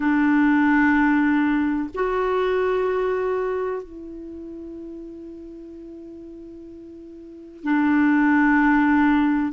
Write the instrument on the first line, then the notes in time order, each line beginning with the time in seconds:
clarinet
0.00 D4
1.94 F#4
3.83 E4
7.63 D4